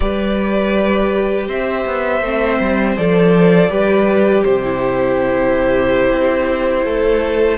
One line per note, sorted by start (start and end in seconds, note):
0.00 1.48 G3
0.00 2.22 G4
0.00 1.47 B4
0.00 1.46 D5
1.47 1.85 C4
1.47 3.69 C5
1.47 2.97 E5
1.86 2.20 B3
2.20 2.57 A3
2.20 2.96 C4
2.60 2.97 G3
2.96 3.69 F3
2.96 3.69 A4
2.96 4.44 D5
3.69 4.43 G3
3.69 4.62 G4
3.69 4.44 B4
4.44 6.12 C3
4.44 6.84 G4
4.44 7.58 C5
4.64 7.58 E4
6.12 6.85 C4
6.84 7.58 A3
6.84 7.58 A4